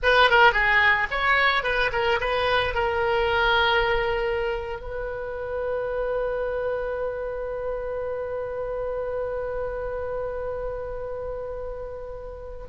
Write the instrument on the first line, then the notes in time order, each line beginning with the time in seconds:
oboe
0.03 B4
0.30 A#4
0.52 G#4
1.11 C#5
1.63 B4
1.92 A#4
2.20 B4
2.74 A#4
4.80 B4